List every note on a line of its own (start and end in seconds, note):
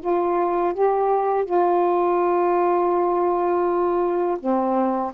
0.00 0.73 F4
0.73 1.45 G4
1.45 4.38 F4
4.39 5.13 C4